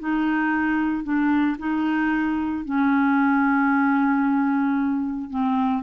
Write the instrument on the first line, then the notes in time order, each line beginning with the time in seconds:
clarinet
0.00 D#4
1.04 D4
1.59 D#4
2.65 C#4
5.30 C4